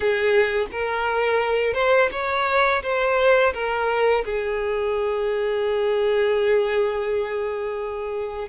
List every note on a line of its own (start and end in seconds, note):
0.00 0.66 G#4
0.71 1.73 A#4
1.73 2.09 C5
2.11 2.82 C#5
2.82 3.53 C5
3.53 4.24 A#4
4.24 8.48 G#4